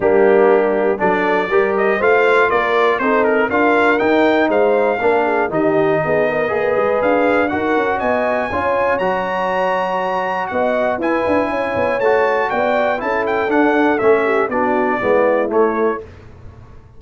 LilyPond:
<<
  \new Staff \with { instrumentName = "trumpet" } { \time 4/4 \tempo 4 = 120 g'2 d''4. dis''8 | f''4 d''4 c''8 ais'8 f''4 | g''4 f''2 dis''4~ | dis''2 f''4 fis''4 |
gis''2 ais''2~ | ais''4 fis''4 gis''2 | a''4 g''4 a''8 g''8 fis''4 | e''4 d''2 cis''4 | }
  \new Staff \with { instrumentName = "horn" } { \time 4/4 d'2 a'4 ais'4 | c''4 ais'4 a'4 ais'4~ | ais'4 c''4 ais'8 gis'8 g'4 | gis'8 ais'8 b'2 ais'4 |
dis''4 cis''2.~ | cis''4 dis''4 b'4 cis''4~ | cis''4 d''4 a'2~ | a'8 g'8 fis'4 e'2 | }
  \new Staff \with { instrumentName = "trombone" } { \time 4/4 ais2 d'4 g'4 | f'2 dis'4 f'4 | dis'2 d'4 dis'4~ | dis'4 gis'2 fis'4~ |
fis'4 f'4 fis'2~ | fis'2 e'2 | fis'2 e'4 d'4 | cis'4 d'4 b4 a4 | }
  \new Staff \with { instrumentName = "tuba" } { \time 4/4 g2 fis4 g4 | a4 ais4 c'4 d'4 | dis'4 gis4 ais4 dis4 | b4 ais8 gis8 d'4 dis'8 cis'8 |
b4 cis'4 fis2~ | fis4 b4 e'8 d'8 cis'8 b8 | a4 b4 cis'4 d'4 | a4 b4 gis4 a4 | }
>>